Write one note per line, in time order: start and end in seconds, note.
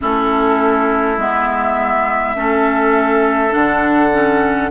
0.00 1.17 A3
0.00 1.18 C#4
0.00 2.36 E4
0.00 1.19 A4
1.17 2.35 G#3
1.17 2.35 B3
1.17 3.53 E5
2.35 3.53 A3
2.35 3.50 C#4
2.35 4.70 A4
3.50 4.70 D3
3.50 4.09 D4
3.50 4.70 F#5
4.12 4.70 C#4